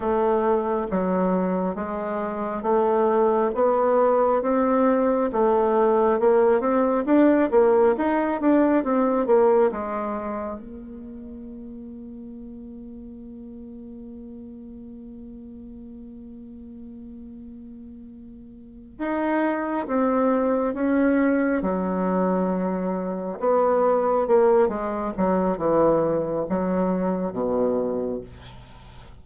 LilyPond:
\new Staff \with { instrumentName = "bassoon" } { \time 4/4 \tempo 4 = 68 a4 fis4 gis4 a4 | b4 c'4 a4 ais8 c'8 | d'8 ais8 dis'8 d'8 c'8 ais8 gis4 | ais1~ |
ais1~ | ais4. dis'4 c'4 cis'8~ | cis'8 fis2 b4 ais8 | gis8 fis8 e4 fis4 b,4 | }